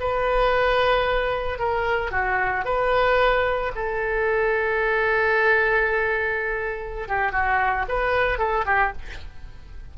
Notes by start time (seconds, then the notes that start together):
0.00 B4
1.59 A#4
2.11 F#4
2.65 B4
3.75 A4
7.08 G4
7.32 F#4
7.88 B4
8.38 A4
8.66 G4